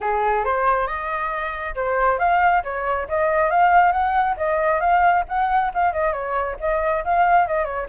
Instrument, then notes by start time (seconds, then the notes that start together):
flute
0.00 G#4
0.45 C5
0.87 D#5
1.75 C5
2.19 F5
2.63 C#5
3.08 D#5
3.50 F5
3.91 F#5
4.36 D#5
4.80 F5
5.28 F#5
5.74 F5
5.92 D#5
6.12 C#5
6.60 D#5
7.04 F5
7.47 D#5
7.64 C#5